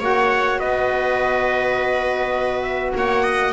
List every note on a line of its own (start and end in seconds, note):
0.00 0.59 A#3
0.00 3.53 F#4
0.00 0.59 C#5
0.00 0.60 F#5
0.59 2.94 B3
0.59 2.94 B4
0.59 2.62 D#5
2.62 2.92 E5
2.95 3.53 A#3
2.95 3.24 C#5
2.95 3.53 F#5
3.24 3.53 D#5